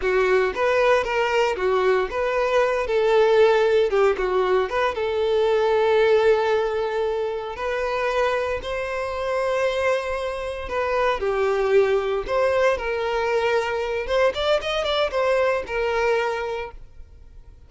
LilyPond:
\new Staff \with { instrumentName = "violin" } { \time 4/4 \tempo 4 = 115 fis'4 b'4 ais'4 fis'4 | b'4. a'2 g'8 | fis'4 b'8 a'2~ a'8~ | a'2~ a'8 b'4.~ |
b'8 c''2.~ c''8~ | c''8 b'4 g'2 c''8~ | c''8 ais'2~ ais'8 c''8 d''8 | dis''8 d''8 c''4 ais'2 | }